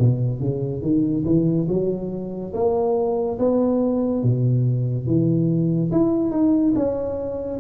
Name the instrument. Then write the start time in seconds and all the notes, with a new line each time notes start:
tuba
0.00 B2
0.40 C#3
0.82 D#3
1.26 E3
1.69 F#3
2.54 A#3
3.40 B3
4.24 B2
5.07 E3
5.92 E4
6.31 D#4
6.76 C#4